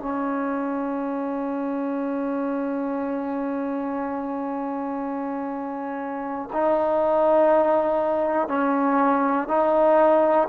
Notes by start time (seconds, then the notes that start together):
0.00 C#4
6.53 D#4
8.49 C#4
9.49 D#4